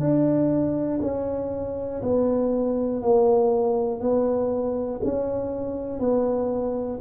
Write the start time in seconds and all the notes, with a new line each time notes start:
0.00 D4
1.01 C#4
2.02 B3
3.02 A#3
4.01 B3
5.04 C#4
5.99 B3